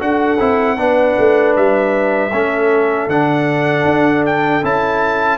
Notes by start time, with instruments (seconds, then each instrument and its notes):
0.00 tuba D4, trombone F#4, horn A4, trumpet F#5
0.40 tuba C4, trombone E4
0.78 tuba B3, trombone D4, horn B4
1.19 tuba A3
1.57 tuba G3, trumpet E5
2.32 tuba A3, trombone C#4, horn A4
3.08 tuba D3, trombone D4, trumpet F#5
3.85 tuba D4
4.26 trumpet G5
4.63 tuba C#4, trombone E4, trumpet A5